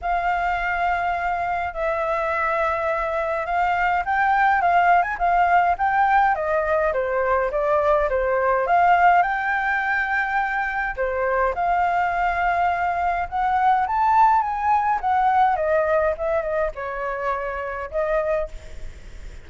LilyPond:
\new Staff \with { instrumentName = "flute" } { \time 4/4 \tempo 4 = 104 f''2. e''4~ | e''2 f''4 g''4 | f''8. gis''16 f''4 g''4 dis''4 | c''4 d''4 c''4 f''4 |
g''2. c''4 | f''2. fis''4 | a''4 gis''4 fis''4 dis''4 | e''8 dis''8 cis''2 dis''4 | }